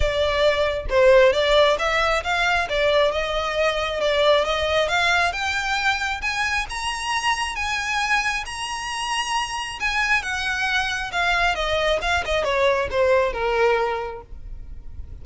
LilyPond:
\new Staff \with { instrumentName = "violin" } { \time 4/4 \tempo 4 = 135 d''2 c''4 d''4 | e''4 f''4 d''4 dis''4~ | dis''4 d''4 dis''4 f''4 | g''2 gis''4 ais''4~ |
ais''4 gis''2 ais''4~ | ais''2 gis''4 fis''4~ | fis''4 f''4 dis''4 f''8 dis''8 | cis''4 c''4 ais'2 | }